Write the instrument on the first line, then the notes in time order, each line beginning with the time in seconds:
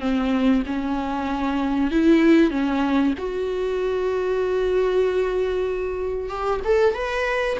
viola
0.00 C4
0.66 C#4
1.91 E4
2.51 C#4
3.18 F#4
6.29 G4
6.65 A4
6.94 B4